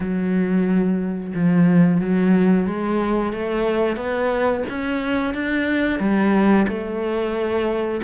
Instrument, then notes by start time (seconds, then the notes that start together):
cello
0.00 F#3
1.35 F3
2.00 F#3
2.67 G#3
3.32 A3
3.96 B3
4.69 C#4
5.33 D4
5.99 G3
6.68 A3